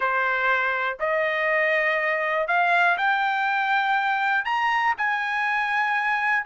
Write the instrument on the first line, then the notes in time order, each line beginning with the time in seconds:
trumpet
0.00 C5
0.99 D#5
2.47 F5
2.97 G5
4.44 A#5
4.97 G#5